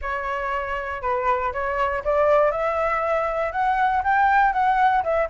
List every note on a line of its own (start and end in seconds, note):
0.01 1.02 C#5
1.02 1.52 B4
1.52 2.03 C#5
2.04 2.51 D5
2.51 3.52 E5
3.52 4.02 F#5
4.03 4.52 G5
4.52 5.03 F#5
5.03 5.28 E5